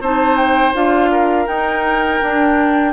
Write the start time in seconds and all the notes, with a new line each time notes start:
0.00 C4 D#4 C5 A5
0.36 G5
0.73 D4 F4 F5
1.11 A#4
1.46 D#4 G5
2.22 D4